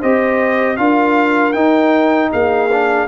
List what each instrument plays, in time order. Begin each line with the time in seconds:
0.00 tuba C4, trombone G4, horn C5, trumpet D#5
0.77 tuba D4, trombone F4, horn A#4, trumpet F5
1.53 tuba D#4, trombone D#4, trumpet G5
2.31 tuba A#3, horn G#4, trumpet F5
2.72 trombone D4